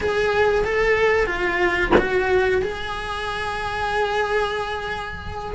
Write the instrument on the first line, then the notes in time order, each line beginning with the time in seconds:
cello
0.00 G#4
0.64 A4
1.26 F4
1.98 F#4
2.62 G#4